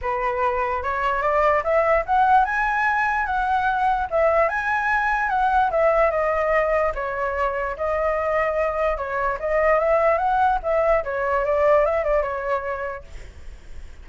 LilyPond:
\new Staff \with { instrumentName = "flute" } { \time 4/4 \tempo 4 = 147 b'2 cis''4 d''4 | e''4 fis''4 gis''2 | fis''2 e''4 gis''4~ | gis''4 fis''4 e''4 dis''4~ |
dis''4 cis''2 dis''4~ | dis''2 cis''4 dis''4 | e''4 fis''4 e''4 cis''4 | d''4 e''8 d''8 cis''2 | }